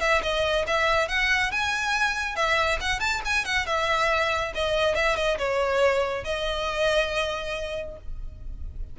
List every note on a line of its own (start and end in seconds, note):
0.00 0.22 E5
0.22 0.66 D#5
0.67 1.08 E5
1.08 1.51 F#5
1.51 2.36 G#5
2.36 2.79 E5
2.80 3.00 F#5
3.00 3.21 A5
3.25 3.45 G#5
3.45 3.66 F#5
3.66 4.52 E5
4.54 4.95 D#5
4.95 5.16 E5
5.16 5.37 D#5
5.38 6.24 C#5
6.24 7.97 D#5